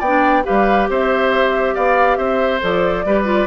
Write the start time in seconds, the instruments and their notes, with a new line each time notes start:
0.00 bassoon B3, oboe D5, flute G5
0.07 clarinet D4
0.44 clarinet G4, oboe B4, flute F5
0.50 bassoon G3
0.89 bassoon C4, oboe C5, flute E5
1.75 bassoon B3, oboe D5, flute F5
2.17 bassoon C4, oboe C5, flute E5
2.61 bassoon F3, clarinet A4, flute D5
3.06 bassoon G3, clarinet G4, oboe B4
3.25 clarinet F4